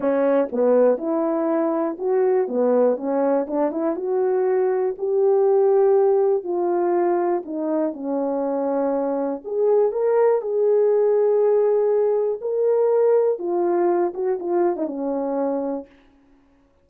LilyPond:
\new Staff \with { instrumentName = "horn" } { \time 4/4 \tempo 4 = 121 cis'4 b4 e'2 | fis'4 b4 cis'4 d'8 e'8 | fis'2 g'2~ | g'4 f'2 dis'4 |
cis'2. gis'4 | ais'4 gis'2.~ | gis'4 ais'2 f'4~ | f'8 fis'8 f'8. dis'16 cis'2 | }